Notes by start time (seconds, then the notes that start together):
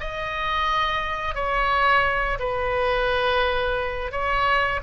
0.00 D#5
1.35 C#5
2.39 B4
4.12 C#5